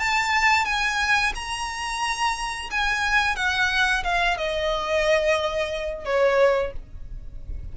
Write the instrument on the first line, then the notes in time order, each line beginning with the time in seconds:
violin
0.00 A5
0.65 G#5
1.35 A#5
2.71 G#5
3.36 F#5
4.04 F5
4.38 D#5
6.06 C#5